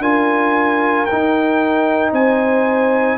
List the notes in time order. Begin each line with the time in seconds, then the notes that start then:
0.00 D4 F4 A#4 G#5
1.06 D#4 G5
1.13 D#4
2.12 C4 C5 G#5